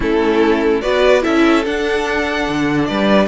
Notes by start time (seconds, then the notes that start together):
0.00 A3 C#4 E4 A4
0.81 B3 F#4 B4 D5
1.21 C#4 E4 A4 E5
1.65 D4 F#5
2.48 D3
2.85 G3 B4 D5